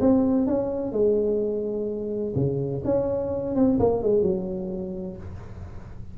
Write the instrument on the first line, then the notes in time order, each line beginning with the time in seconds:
tuba
0.00 C4
0.47 C#4
0.92 G#3
2.35 C#3
2.84 C#4
3.55 C4
3.79 A#3
4.02 G#3
4.22 F#3